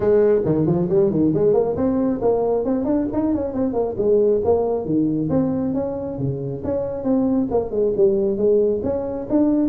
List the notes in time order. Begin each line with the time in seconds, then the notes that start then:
0.00 G#3
0.45 D#3
0.66 F3
0.89 G3
1.10 D#3
1.34 G#3
1.53 A#3
1.76 C4
2.21 A#3
2.65 C4
2.85 D4
3.12 D#4
3.34 C#4
3.53 C4
3.73 A#3
3.97 G#3
4.44 A#3
4.85 D#3
5.29 C4
5.74 C#4
6.18 C#3
6.64 C#4
7.03 C4
7.50 A#3
7.70 G#3
7.96 G3
8.37 G#3
8.83 C#4
9.29 D4